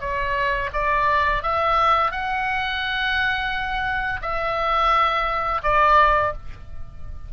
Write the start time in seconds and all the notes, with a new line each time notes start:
0.00 C#5
0.73 D5
1.42 E5
2.11 F#5
4.22 E5
5.63 D5